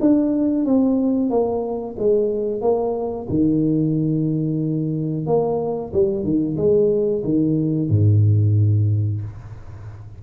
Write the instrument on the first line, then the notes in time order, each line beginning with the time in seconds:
tuba
0.00 D4
0.65 C4
1.29 A#3
1.98 G#3
2.61 A#3
3.28 D#3
5.26 A#3
5.93 G3
6.23 D#3
6.56 G#3
7.23 D#3
7.89 G#2